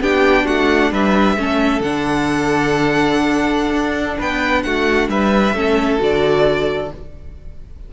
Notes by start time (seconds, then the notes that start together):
0.00 B3 D4 G4 G5
0.46 A3 F#4 F#5
0.91 G3 B4 E5
1.37 A3 C#4 A4
1.80 D3 D4 F#5
3.71 D4
4.18 B3 B4 G5
4.63 A3 F#4 F#5
5.08 G3 B4 E5
5.53 A3 C#4 A4
5.99 D3 F#4 D5